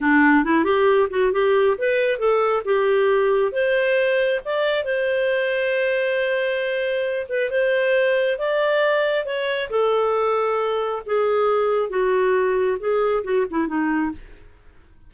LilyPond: \new Staff \with { instrumentName = "clarinet" } { \time 4/4 \tempo 4 = 136 d'4 e'8 g'4 fis'8 g'4 | b'4 a'4 g'2 | c''2 d''4 c''4~ | c''1~ |
c''8 b'8 c''2 d''4~ | d''4 cis''4 a'2~ | a'4 gis'2 fis'4~ | fis'4 gis'4 fis'8 e'8 dis'4 | }